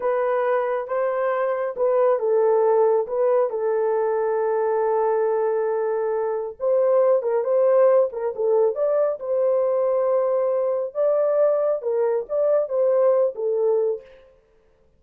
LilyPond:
\new Staff \with { instrumentName = "horn" } { \time 4/4 \tempo 4 = 137 b'2 c''2 | b'4 a'2 b'4 | a'1~ | a'2. c''4~ |
c''8 ais'8 c''4. ais'8 a'4 | d''4 c''2.~ | c''4 d''2 ais'4 | d''4 c''4. a'4. | }